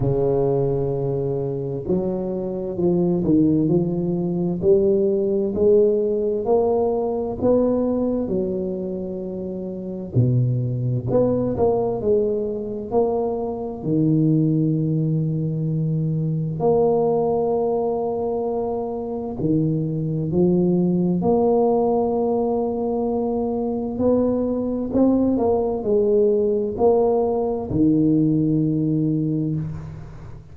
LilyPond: \new Staff \with { instrumentName = "tuba" } { \time 4/4 \tempo 4 = 65 cis2 fis4 f8 dis8 | f4 g4 gis4 ais4 | b4 fis2 b,4 | b8 ais8 gis4 ais4 dis4~ |
dis2 ais2~ | ais4 dis4 f4 ais4~ | ais2 b4 c'8 ais8 | gis4 ais4 dis2 | }